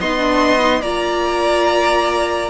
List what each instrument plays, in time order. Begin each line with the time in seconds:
0.00 cello B3, viola D#4, violin D#5 C6
0.18 viola D4
0.59 viola D#4
0.82 cello A#3, viola F4, violin D5 A#5